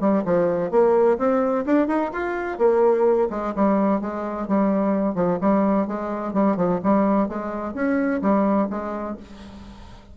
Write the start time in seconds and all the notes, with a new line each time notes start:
0.00 G3
0.25 F3
0.71 A#3
1.18 C4
1.66 D4
1.87 D#4
2.13 F4
2.58 A#3
3.30 G#3
3.55 G3
4.01 G#3
4.48 G3
5.15 F3
5.41 G3
5.87 G#3
6.33 G3
6.56 F3
6.83 G3
7.28 G#3
7.74 C#4
8.22 G3
8.70 G#3